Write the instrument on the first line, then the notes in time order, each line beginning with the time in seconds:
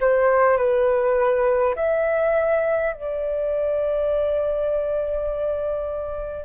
flute
0.00 C5
0.57 B4
1.75 E5
2.93 D5